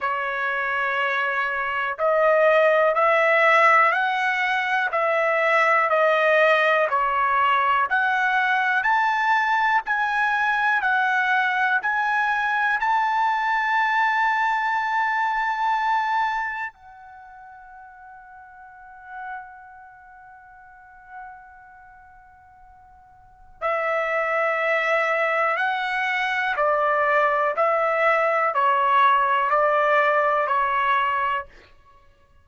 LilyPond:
\new Staff \with { instrumentName = "trumpet" } { \time 4/4 \tempo 4 = 61 cis''2 dis''4 e''4 | fis''4 e''4 dis''4 cis''4 | fis''4 a''4 gis''4 fis''4 | gis''4 a''2.~ |
a''4 fis''2.~ | fis''1 | e''2 fis''4 d''4 | e''4 cis''4 d''4 cis''4 | }